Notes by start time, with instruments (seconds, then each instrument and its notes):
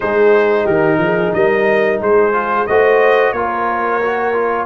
0.00 tuba G#3, trombone D#4, horn G#4, trumpet C5
0.64 tuba D#3, horn G4, trumpet A#4
0.97 tuba F3, horn G#4
1.33 tuba G3, horn A#4, trumpet D#5
2.00 tuba G#3, horn G#4, trumpet C5
2.32 trombone F4
2.66 tuba A3, trombone F#4, horn C5, trumpet D#5
3.32 tuba A#3, trombone F4, horn A#4, trumpet C#5
4.02 trombone F#4
4.33 trombone F4